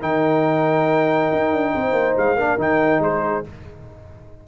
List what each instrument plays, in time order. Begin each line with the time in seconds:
0.00 tuba D#3, trombone D#4, horn A#4, trumpet G5
1.32 tuba D#4
1.52 tuba D4
1.75 tuba C4, horn C5
1.92 tuba A#3
2.16 tuba G#3, trumpet F5
2.35 tuba A#3, trombone D4, horn A#4
2.57 tuba D#3, trombone D#4, trumpet G5
2.99 tuba G#3, horn G#4, trumpet C5